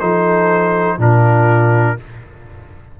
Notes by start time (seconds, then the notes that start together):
0.00 F3 D#4 A4 C5
0.98 A#2 D4 F4 A#4